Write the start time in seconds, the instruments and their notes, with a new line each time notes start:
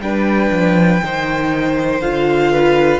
0.00 cello G3, viola D4, violin B4 G5
0.51 cello F3
1.02 cello D#3, viola D#4, violin C5
2.00 cello D3, viola F4, violin F5
2.51 violin B4